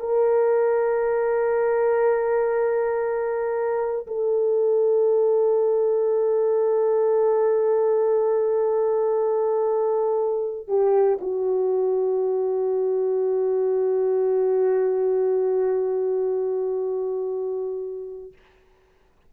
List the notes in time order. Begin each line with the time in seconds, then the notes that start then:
0.00 A#4
4.07 A4
10.68 G4
11.21 F#4